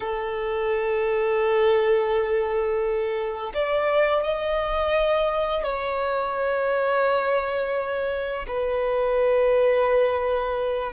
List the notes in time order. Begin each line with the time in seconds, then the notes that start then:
0.00 A4
3.54 D5
4.23 D#5
5.63 C#5
8.47 B4